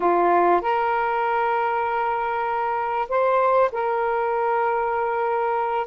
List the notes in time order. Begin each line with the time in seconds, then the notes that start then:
0.00 F4
0.61 A#4
3.08 C5
3.72 A#4